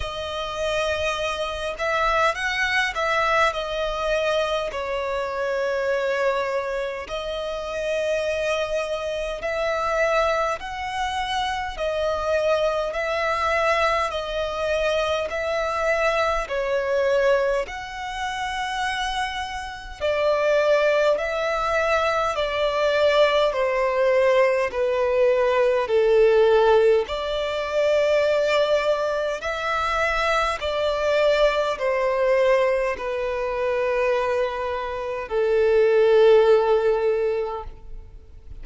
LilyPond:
\new Staff \with { instrumentName = "violin" } { \time 4/4 \tempo 4 = 51 dis''4. e''8 fis''8 e''8 dis''4 | cis''2 dis''2 | e''4 fis''4 dis''4 e''4 | dis''4 e''4 cis''4 fis''4~ |
fis''4 d''4 e''4 d''4 | c''4 b'4 a'4 d''4~ | d''4 e''4 d''4 c''4 | b'2 a'2 | }